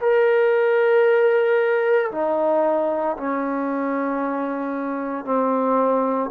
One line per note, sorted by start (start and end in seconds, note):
0.00 2.11 A#4
2.11 3.16 D#4
3.17 5.25 C#4
5.25 6.30 C4